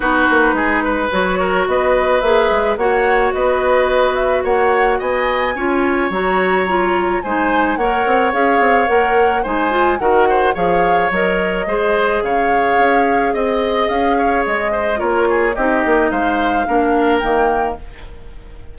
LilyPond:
<<
  \new Staff \with { instrumentName = "flute" } { \time 4/4 \tempo 4 = 108 b'2 cis''4 dis''4 | e''4 fis''4 dis''4. e''8 | fis''4 gis''2 ais''4~ | ais''4 gis''4 fis''4 f''4 |
fis''4 gis''4 fis''4 f''4 | dis''2 f''2 | dis''4 f''4 dis''4 cis''4 | dis''4 f''2 g''4 | }
  \new Staff \with { instrumentName = "oboe" } { \time 4/4 fis'4 gis'8 b'4 ais'8 b'4~ | b'4 cis''4 b'2 | cis''4 dis''4 cis''2~ | cis''4 c''4 cis''2~ |
cis''4 c''4 ais'8 c''8 cis''4~ | cis''4 c''4 cis''2 | dis''4. cis''4 c''8 ais'8 gis'8 | g'4 c''4 ais'2 | }
  \new Staff \with { instrumentName = "clarinet" } { \time 4/4 dis'2 fis'2 | gis'4 fis'2.~ | fis'2 f'4 fis'4 | f'4 dis'4 ais'4 gis'4 |
ais'4 dis'8 f'8 fis'4 gis'4 | ais'4 gis'2.~ | gis'2. f'4 | dis'2 d'4 ais4 | }
  \new Staff \with { instrumentName = "bassoon" } { \time 4/4 b8 ais8 gis4 fis4 b4 | ais8 gis8 ais4 b2 | ais4 b4 cis'4 fis4~ | fis4 gis4 ais8 c'8 cis'8 c'8 |
ais4 gis4 dis4 f4 | fis4 gis4 cis4 cis'4 | c'4 cis'4 gis4 ais4 | c'8 ais8 gis4 ais4 dis4 | }
>>